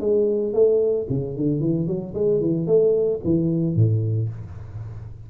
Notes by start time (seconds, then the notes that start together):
0.00 G#3
0.53 A3
1.09 C#3
1.36 D3
1.60 E3
1.87 F#3
2.14 G#3
2.40 E3
2.66 A3
3.24 E3
3.75 A2